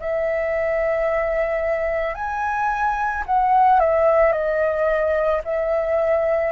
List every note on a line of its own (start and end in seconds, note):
0.00 2.15 E5
2.15 3.24 G#5
3.26 3.80 F#5
3.80 4.32 E5
4.32 5.41 D#5
5.44 6.52 E5